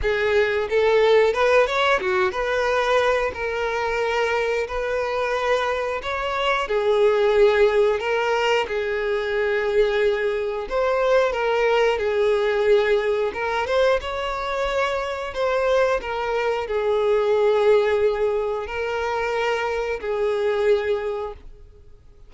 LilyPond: \new Staff \with { instrumentName = "violin" } { \time 4/4 \tempo 4 = 90 gis'4 a'4 b'8 cis''8 fis'8 b'8~ | b'4 ais'2 b'4~ | b'4 cis''4 gis'2 | ais'4 gis'2. |
c''4 ais'4 gis'2 | ais'8 c''8 cis''2 c''4 | ais'4 gis'2. | ais'2 gis'2 | }